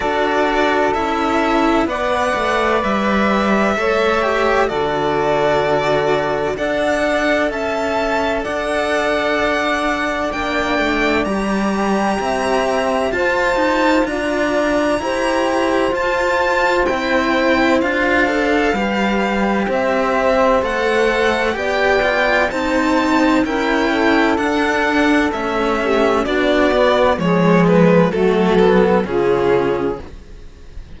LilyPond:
<<
  \new Staff \with { instrumentName = "violin" } { \time 4/4 \tempo 4 = 64 d''4 e''4 fis''4 e''4~ | e''4 d''2 fis''4 | a''4 fis''2 g''4 | ais''2 a''4 ais''4~ |
ais''4 a''4 g''4 f''4~ | f''4 e''4 fis''4 g''4 | a''4 g''4 fis''4 e''4 | d''4 cis''8 b'8 a'4 gis'4 | }
  \new Staff \with { instrumentName = "saxophone" } { \time 4/4 a'2 d''2 | cis''4 a'2 d''4 | e''4 d''2.~ | d''4 e''4 c''4 d''4 |
c''1 | b'4 c''2 d''4 | c''4 ais'8 a'2 g'8 | fis'4 gis'4 fis'4 f'4 | }
  \new Staff \with { instrumentName = "cello" } { \time 4/4 fis'4 e'4 b'2 | a'8 g'8 fis'2 a'4~ | a'2. d'4 | g'2 f'2 |
g'4 f'4 e'4 f'8 a'8 | g'2 a'4 g'8 f'8 | dis'4 e'4 d'4 cis'4 | d'8 b8 gis4 a8 b8 cis'4 | }
  \new Staff \with { instrumentName = "cello" } { \time 4/4 d'4 cis'4 b8 a8 g4 | a4 d2 d'4 | cis'4 d'2 ais8 a8 | g4 c'4 f'8 dis'8 d'4 |
e'4 f'4 c'4 d'4 | g4 c'4 a4 b4 | c'4 cis'4 d'4 a4 | b4 f4 fis4 cis4 | }
>>